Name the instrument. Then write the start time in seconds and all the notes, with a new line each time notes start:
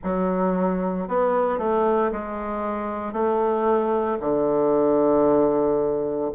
bassoon
0.03 F#3
1.08 B3
1.58 A3
2.11 G#3
3.12 A3
4.20 D3